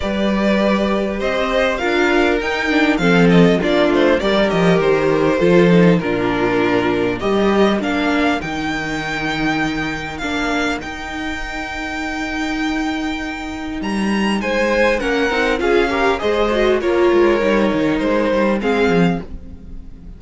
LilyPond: <<
  \new Staff \with { instrumentName = "violin" } { \time 4/4 \tempo 4 = 100 d''2 dis''4 f''4 | g''4 f''8 dis''8 d''8 c''8 d''8 dis''8 | c''2 ais'2 | dis''4 f''4 g''2~ |
g''4 f''4 g''2~ | g''2. ais''4 | gis''4 fis''4 f''4 dis''4 | cis''2 c''4 f''4 | }
  \new Staff \with { instrumentName = "violin" } { \time 4/4 b'2 c''4 ais'4~ | ais'4 a'4 f'4 ais'4~ | ais'4 a'4 f'2 | ais'1~ |
ais'1~ | ais'1 | c''4 ais'4 gis'8 ais'8 c''4 | ais'2. gis'4 | }
  \new Staff \with { instrumentName = "viola" } { \time 4/4 g'2. f'4 | dis'8 d'8 c'4 d'4 g'4~ | g'4 f'8 dis'8 d'2 | g'4 d'4 dis'2~ |
dis'4 d'4 dis'2~ | dis'1~ | dis'4 cis'8 dis'8 f'8 g'8 gis'8 fis'8 | f'4 dis'2 c'4 | }
  \new Staff \with { instrumentName = "cello" } { \time 4/4 g2 c'4 d'4 | dis'4 f4 ais8 a8 g8 f8 | dis4 f4 ais,2 | g4 ais4 dis2~ |
dis4 ais4 dis'2~ | dis'2. g4 | gis4 ais8 c'8 cis'4 gis4 | ais8 gis8 g8 dis8 gis8 g8 gis8 f8 | }
>>